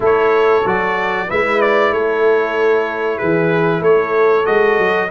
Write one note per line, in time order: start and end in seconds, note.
0.00 0.62 A3
0.00 0.62 E4
0.00 1.28 A4
0.00 0.67 C#5
0.65 1.29 F#3
0.65 1.29 F#4
0.65 1.30 D5
1.28 1.91 G#3
1.28 4.45 E4
1.28 1.92 B4
1.28 1.61 E5
1.61 1.93 D5
1.91 3.19 A3
1.91 3.17 A4
1.91 3.18 C#5
3.17 3.80 E3
3.17 3.80 G#4
3.17 3.82 B4
3.80 4.44 A3
3.80 5.09 A4
3.80 4.46 C#5
4.45 4.78 G#3
4.45 5.08 F#4
4.45 5.09 D#5
4.78 5.10 F#3